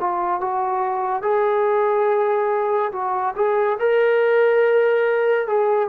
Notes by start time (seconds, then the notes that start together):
0.00 F4
0.41 F#4
1.22 G#4
2.92 F#4
3.36 G#4
3.80 A#4
5.47 G#4